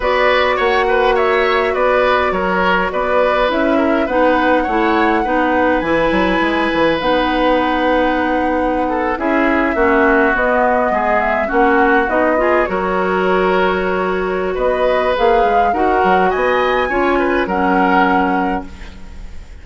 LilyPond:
<<
  \new Staff \with { instrumentName = "flute" } { \time 4/4 \tempo 4 = 103 d''4 fis''4 e''4 d''4 | cis''4 d''4 e''4 fis''4~ | fis''2 gis''2 | fis''2.~ fis''8. e''16~ |
e''4.~ e''16 dis''4. e''8 fis''16~ | fis''8. dis''4 cis''2~ cis''16~ | cis''4 dis''4 f''4 fis''4 | gis''2 fis''2 | }
  \new Staff \with { instrumentName = "oboe" } { \time 4/4 b'4 cis''8 b'8 cis''4 b'4 | ais'4 b'4. ais'8 b'4 | cis''4 b'2.~ | b'2.~ b'16 a'8 gis'16~ |
gis'8. fis'2 gis'4 fis'16~ | fis'4~ fis'16 gis'8 ais'2~ ais'16~ | ais'4 b'2 ais'4 | dis''4 cis''8 b'8 ais'2 | }
  \new Staff \with { instrumentName = "clarinet" } { \time 4/4 fis'1~ | fis'2 e'4 dis'4 | e'4 dis'4 e'2 | dis'2.~ dis'8. e'16~ |
e'8. cis'4 b2 cis'16~ | cis'8. dis'8 f'8 fis'2~ fis'16~ | fis'2 gis'4 fis'4~ | fis'4 f'4 cis'2 | }
  \new Staff \with { instrumentName = "bassoon" } { \time 4/4 b4 ais2 b4 | fis4 b4 cis'4 b4 | a4 b4 e8 fis8 gis8 e8 | b2.~ b8. cis'16~ |
cis'8. ais4 b4 gis4 ais16~ | ais8. b4 fis2~ fis16~ | fis4 b4 ais8 gis8 dis'8 fis8 | b4 cis'4 fis2 | }
>>